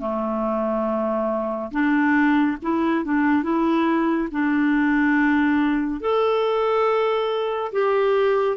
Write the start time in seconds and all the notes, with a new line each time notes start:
0.00 A3
1.72 D4
2.63 E4
3.05 D4
3.43 E4
4.32 D4
6.01 A4
7.73 G4